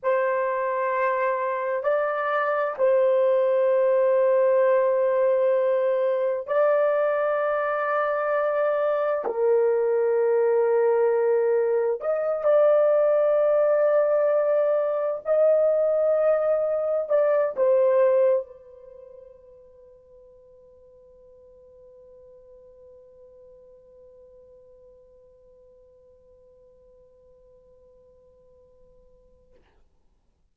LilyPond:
\new Staff \with { instrumentName = "horn" } { \time 4/4 \tempo 4 = 65 c''2 d''4 c''4~ | c''2. d''4~ | d''2 ais'2~ | ais'4 dis''8 d''2~ d''8~ |
d''8 dis''2 d''8 c''4 | b'1~ | b'1~ | b'1 | }